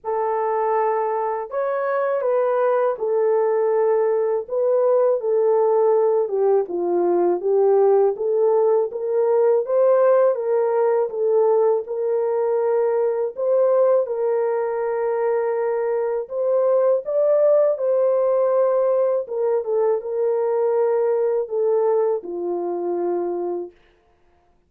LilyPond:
\new Staff \with { instrumentName = "horn" } { \time 4/4 \tempo 4 = 81 a'2 cis''4 b'4 | a'2 b'4 a'4~ | a'8 g'8 f'4 g'4 a'4 | ais'4 c''4 ais'4 a'4 |
ais'2 c''4 ais'4~ | ais'2 c''4 d''4 | c''2 ais'8 a'8 ais'4~ | ais'4 a'4 f'2 | }